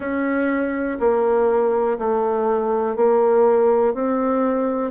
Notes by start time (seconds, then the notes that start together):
0.00 C#4
0.99 A#3
1.98 A3
2.96 A#3
3.93 C4